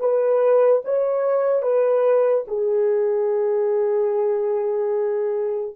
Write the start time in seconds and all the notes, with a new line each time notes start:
0.00 B4
0.84 C#5
1.62 B4
2.47 G#4